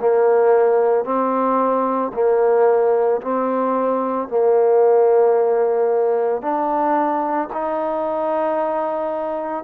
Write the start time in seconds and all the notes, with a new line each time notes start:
0.00 A#3
1.05 C4
2.14 A#3
3.21 C4
4.28 A#3
6.41 D4
7.53 D#4